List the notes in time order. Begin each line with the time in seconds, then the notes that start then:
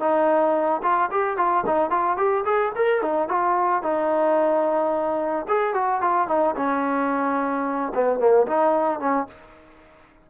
0.00 D#4
0.83 F4
1.11 G4
1.37 F4
1.67 D#4
1.90 F4
2.17 G4
2.45 G#4
2.75 A#4
3.02 D#4
3.29 F4
3.83 D#4
5.48 G#4
5.74 F#4
6.01 F4
6.28 D#4
6.56 C#4
7.95 B3
8.19 A#3
8.47 D#4
9.00 C#4